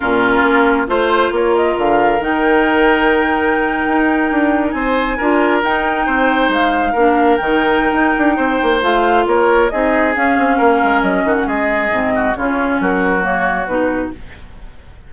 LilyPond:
<<
  \new Staff \with { instrumentName = "flute" } { \time 4/4 \tempo 4 = 136 ais'2 c''4 cis''8 dis''8 | f''4 g''2.~ | g''2~ g''8. gis''4~ gis''16~ | gis''8. g''2 f''4~ f''16~ |
f''8. g''2.~ g''16 | f''4 cis''4 dis''4 f''4~ | f''4 dis''8. fis''16 dis''2 | cis''4 ais'4 cis''4 b'4 | }
  \new Staff \with { instrumentName = "oboe" } { \time 4/4 f'2 c''4 ais'4~ | ais'1~ | ais'2~ ais'8. c''4 ais'16~ | ais'4.~ ais'16 c''2 ais'16~ |
ais'2. c''4~ | c''4 ais'4 gis'2 | ais'4. fis'8 gis'4. fis'8 | f'4 fis'2. | }
  \new Staff \with { instrumentName = "clarinet" } { \time 4/4 cis'2 f'2~ | f'4 dis'2.~ | dis'2.~ dis'8. f'16~ | f'8. dis'2. d'16~ |
d'8. dis'2.~ dis'16 | f'2 dis'4 cis'4~ | cis'2. c'4 | cis'2 ais4 dis'4 | }
  \new Staff \with { instrumentName = "bassoon" } { \time 4/4 ais,4 ais4 a4 ais4 | d4 dis2.~ | dis8. dis'4 d'4 c'4 d'16~ | d'8. dis'4 c'4 gis4 ais16~ |
ais8. dis4~ dis16 dis'8 d'8 c'8 ais8 | a4 ais4 c'4 cis'8 c'8 | ais8 gis8 fis8 dis8 gis4 gis,4 | cis4 fis2 b,4 | }
>>